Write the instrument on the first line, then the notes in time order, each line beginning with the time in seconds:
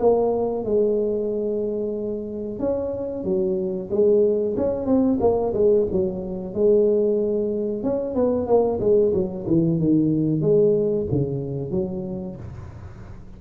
tuba
0.00 A#3
0.65 G#3
2.60 C#4
3.24 F#3
3.91 G#3
4.57 C#4
4.86 C4
5.21 A#3
5.54 G#3
5.92 F#3
6.55 G#3
7.83 C#4
8.15 B3
8.47 A#3
8.80 G#3
9.14 F#3
9.47 E3
9.79 D#3
10.41 G#3
11.12 C#3
11.71 F#3